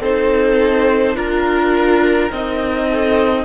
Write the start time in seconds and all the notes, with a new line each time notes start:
0.00 C4 D#4 A4 C5
1.15 D4 F4 A#4
2.31 C4 D#4 D#5
2.88 A4